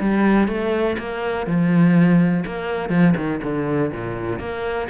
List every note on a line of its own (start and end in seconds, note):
0.00 0.48 G3
0.48 0.96 A3
0.98 1.47 A#3
1.47 2.44 F3
2.46 2.90 A#3
2.90 3.14 F3
3.17 3.41 D#3
3.43 3.92 D3
3.93 4.39 A#2
4.39 4.88 A#3